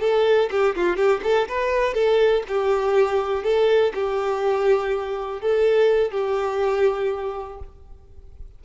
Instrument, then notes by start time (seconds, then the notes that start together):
violin
0.00 A4
0.51 G4
0.75 F4
0.96 G4
1.23 A4
1.48 B4
1.94 A4
2.48 G4
3.43 A4
3.94 G4
5.41 A4
6.11 G4